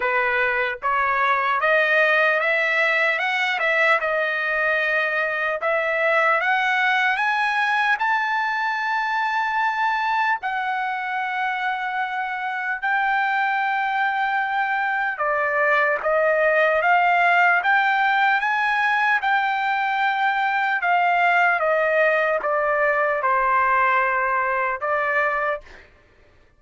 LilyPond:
\new Staff \with { instrumentName = "trumpet" } { \time 4/4 \tempo 4 = 75 b'4 cis''4 dis''4 e''4 | fis''8 e''8 dis''2 e''4 | fis''4 gis''4 a''2~ | a''4 fis''2. |
g''2. d''4 | dis''4 f''4 g''4 gis''4 | g''2 f''4 dis''4 | d''4 c''2 d''4 | }